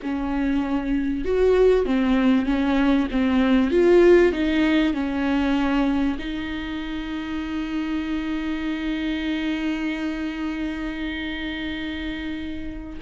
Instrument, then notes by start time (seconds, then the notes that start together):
viola
0.02 C#4
1.24 F#4
1.85 C4
2.46 C#4
3.11 C4
3.70 F4
4.32 D#4
4.93 C#4
6.19 D#4